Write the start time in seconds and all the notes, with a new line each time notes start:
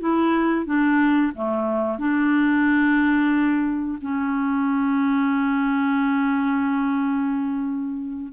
0.00 E4
0.66 D4
1.35 A3
1.99 D4
4.02 C#4